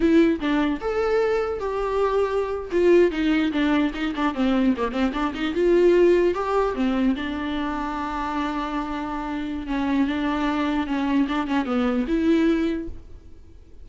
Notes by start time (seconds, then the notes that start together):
0.00 E4
0.40 D4
0.80 A4
1.59 G4
2.71 F4
3.11 D#4
3.52 D4
3.94 D#4
4.15 D4
4.34 C4
4.77 A#3
4.91 C4
5.13 D4
5.34 D#4
5.54 F4
6.34 G4
6.74 C4
7.15 D4
9.66 C#4
10.07 D4
10.87 C#4
11.28 D4
11.47 C#4
11.65 B3
12.07 E4